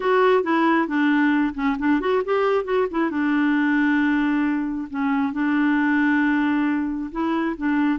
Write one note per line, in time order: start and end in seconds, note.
0.00 0.43 F#4
0.43 0.87 E4
0.87 1.54 D4
1.54 1.76 C#4
1.78 2.00 D4
2.00 2.22 F#4
2.24 2.64 G4
2.64 2.86 F#4
2.90 3.10 E4
3.10 4.88 D4
4.89 5.33 C#4
5.33 7.10 D4
7.11 7.56 E4
7.57 7.99 D4